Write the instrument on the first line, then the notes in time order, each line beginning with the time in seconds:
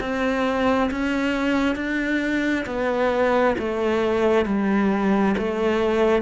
cello
0.00 C4
0.90 C#4
1.75 D4
2.66 B3
3.58 A3
4.45 G3
5.37 A3